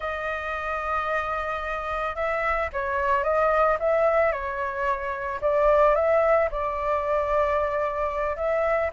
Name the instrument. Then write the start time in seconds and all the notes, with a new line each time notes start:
flute
0.00 D#5
2.15 E5
2.72 C#5
3.23 D#5
3.79 E5
4.32 C#5
5.41 D5
5.95 E5
6.51 D5
8.36 E5